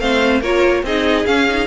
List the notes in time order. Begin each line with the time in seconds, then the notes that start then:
0.00 A3 C4 C5 F5
0.41 A#3 F4 A#4 C#5
0.83 C4 D#4 G#4 D#5
1.26 C#4 F5
1.49 D#4